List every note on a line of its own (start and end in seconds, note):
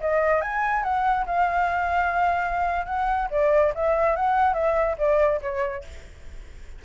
0.00 0.41 D#5
0.41 0.83 G#5
0.83 1.25 F#5
1.26 2.85 F5
2.85 3.28 F#5
3.30 3.73 D5
3.74 4.16 E5
4.16 4.53 F#5
4.53 4.96 E5
4.97 5.40 D5
5.41 5.84 C#5